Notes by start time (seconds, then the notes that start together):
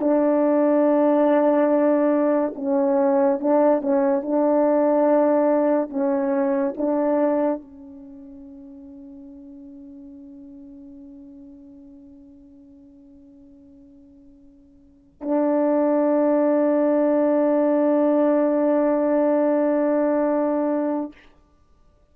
0.00 D4
2.55 C#4
3.40 D4
3.81 C#4
4.22 D4
5.89 C#4
6.77 D4
7.61 C#4
15.21 D4